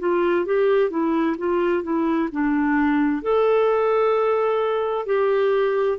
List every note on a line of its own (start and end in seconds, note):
0.00 0.46 F4
0.46 0.91 G4
0.91 1.37 E4
1.38 1.83 F4
1.83 2.30 E4
2.32 3.22 D4
3.22 5.06 A4
5.06 5.98 G4